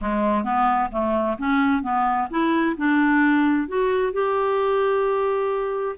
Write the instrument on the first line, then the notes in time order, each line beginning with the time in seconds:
clarinet
0.01 G#3
0.44 B3
0.91 A3
1.38 C#4
1.82 B3
2.30 E4
2.77 D4
3.67 F#4
4.12 G4